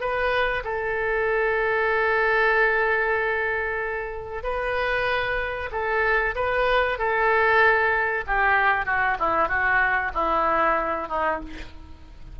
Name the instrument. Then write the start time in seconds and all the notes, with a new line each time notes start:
oboe
0.00 B4
0.64 A4
4.43 B4
5.71 A4
6.35 B4
6.98 A4
8.27 G4
8.85 F#4
9.19 E4
9.48 F#4
10.14 E4
11.08 D#4